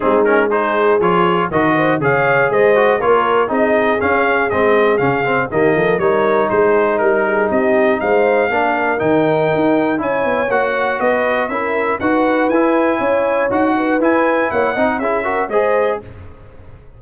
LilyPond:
<<
  \new Staff \with { instrumentName = "trumpet" } { \time 4/4 \tempo 4 = 120 gis'8 ais'8 c''4 cis''4 dis''4 | f''4 dis''4 cis''4 dis''4 | f''4 dis''4 f''4 dis''4 | cis''4 c''4 ais'4 dis''4 |
f''2 g''2 | gis''4 fis''4 dis''4 e''4 | fis''4 gis''2 fis''4 | gis''4 fis''4 e''4 dis''4 | }
  \new Staff \with { instrumentName = "horn" } { \time 4/4 dis'4 gis'2 ais'8 c''8 | cis''4 c''4 ais'4 gis'4~ | gis'2. g'8 a'8 | ais'4 gis'4 ais'8 gis'8 g'4 |
c''4 ais'2. | cis''2 b'4 ais'4 | b'2 cis''4. b'8~ | b'4 cis''8 dis''8 gis'8 ais'8 c''4 | }
  \new Staff \with { instrumentName = "trombone" } { \time 4/4 c'8 cis'8 dis'4 f'4 fis'4 | gis'4. fis'8 f'4 dis'4 | cis'4 c'4 cis'8 c'8 ais4 | dis'1~ |
dis'4 d'4 dis'2 | e'4 fis'2 e'4 | fis'4 e'2 fis'4 | e'4. dis'8 e'8 fis'8 gis'4 | }
  \new Staff \with { instrumentName = "tuba" } { \time 4/4 gis2 f4 dis4 | cis4 gis4 ais4 c'4 | cis'4 gis4 cis4 dis8 f8 | g4 gis4 g4 c'4 |
gis4 ais4 dis4 dis'4 | cis'8 b8 ais4 b4 cis'4 | dis'4 e'4 cis'4 dis'4 | e'4 ais8 c'8 cis'4 gis4 | }
>>